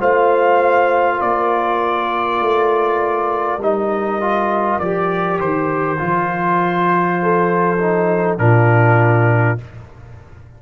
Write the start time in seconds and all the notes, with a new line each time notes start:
0.00 A3 F4 C5 F5
1.17 A#3 A#4 D5
2.41 A3
3.58 G3 D#4 D#5
4.21 F4
4.79 F3 G4 D5
5.40 D#3 C5
5.99 F3 F4
7.23 A4
7.79 D#4
8.38 A#2 D4 F4 A#4